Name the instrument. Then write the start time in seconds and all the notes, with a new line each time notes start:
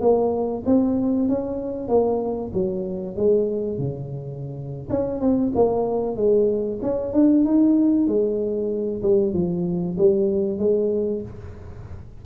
tuba
0.00 A#3
0.66 C4
1.28 C#4
1.88 A#3
2.53 F#3
3.16 G#3
3.78 C#3
4.89 C#4
5.20 C4
5.55 A#3
6.16 G#3
6.82 C#4
7.13 D4
7.44 D#4
8.07 G#3
9.03 G3
9.33 F3
9.98 G3
10.58 G#3